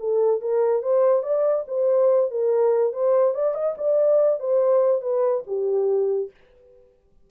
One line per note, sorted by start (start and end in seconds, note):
0.00 0.41 A4
0.41 0.83 A#4
0.83 1.23 C5
1.23 1.65 D5
1.68 2.31 C5
2.31 2.93 A#4
2.93 3.35 C5
3.35 3.55 D5
3.55 3.76 D#5
3.78 4.40 D5
4.40 5.02 C5
5.02 5.44 B4
5.47 6.31 G4